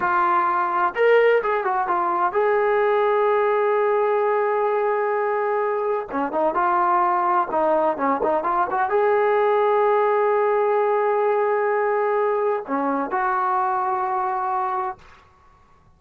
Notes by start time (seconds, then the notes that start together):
0.00 F4
0.95 A#4
1.42 G#4
1.64 F#4
1.87 F4
2.32 G#4
6.11 C#4
6.32 D#4
6.54 F4
7.51 D#4
7.97 C#4
8.23 D#4
8.43 F4
8.70 F#4
8.89 G#4
12.67 C#4
13.10 F#4